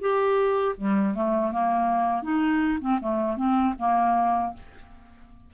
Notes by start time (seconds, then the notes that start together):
0.00 G4
0.77 G3
1.14 A3
1.51 A#3
2.22 D#4
2.80 C4
3.01 A3
3.36 C4
3.78 A#3